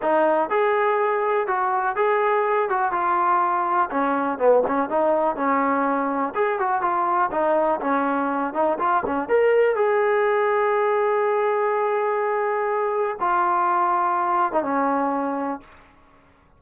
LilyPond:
\new Staff \with { instrumentName = "trombone" } { \time 4/4 \tempo 4 = 123 dis'4 gis'2 fis'4 | gis'4. fis'8 f'2 | cis'4 b8 cis'8 dis'4 cis'4~ | cis'4 gis'8 fis'8 f'4 dis'4 |
cis'4. dis'8 f'8 cis'8 ais'4 | gis'1~ | gis'2. f'4~ | f'4.~ f'16 dis'16 cis'2 | }